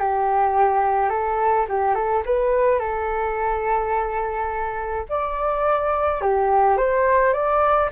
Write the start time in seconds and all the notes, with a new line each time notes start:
0.00 G4
1.10 A4
1.69 G4
1.95 A4
2.26 B4
2.79 A4
5.09 D5
6.22 G4
6.78 C5
7.33 D5